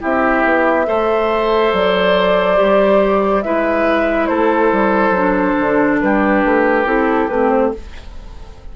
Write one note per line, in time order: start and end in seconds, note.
0.00 0.45 C4
0.00 0.86 E4
0.00 0.86 G4
0.00 1.74 E5
0.45 0.87 B3
0.86 1.73 A3
0.86 2.56 A4
0.86 3.45 C5
1.73 2.59 F#3
1.73 3.43 D5
2.56 3.45 G3
2.56 3.42 G4
3.43 4.29 G#3
3.43 5.16 E4
3.43 4.29 B4
3.43 4.27 E5
4.27 4.72 A3
4.27 6.00 A4
4.27 5.98 C5
4.72 5.11 G3
5.11 5.53 F#3
5.11 6.86 D4
5.60 6.02 D3
6.01 6.44 G3
6.01 7.76 G4
6.01 6.86 B4
6.44 6.85 A3
6.85 7.28 C4
6.85 7.29 E4
6.85 7.29 A4
7.29 7.73 A3
7.29 7.74 C4
7.29 7.50 B4
7.50 7.71 C5